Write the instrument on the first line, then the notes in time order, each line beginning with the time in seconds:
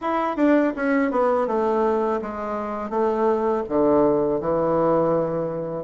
bassoon
0.01 E4
0.36 D4
0.76 C#4
1.11 B3
1.47 A3
2.21 G#3
2.90 A3
3.68 D3
4.40 E3